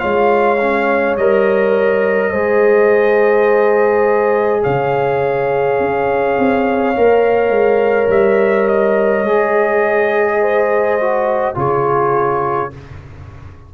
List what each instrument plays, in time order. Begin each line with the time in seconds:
0.00 tuba G#3, trombone F4, horn C#5, trumpet F5
0.61 trombone C#4
1.17 tuba G3, trombone A#4, trumpet D#5
2.31 tuba G#3, trombone G#4, horn C5
4.63 tuba C#3, horn C#5, trumpet F5
5.80 tuba C#4
6.39 tuba C4
6.96 tuba A#3, trombone A#4
7.50 tuba G#3
8.08 tuba G3, trumpet E5
8.68 trumpet D#5
9.24 tuba G#3, trombone G#4
10.41 horn C5
11.01 trombone F#4
11.55 tuba C#3, trombone F4, horn G#4, trumpet C#5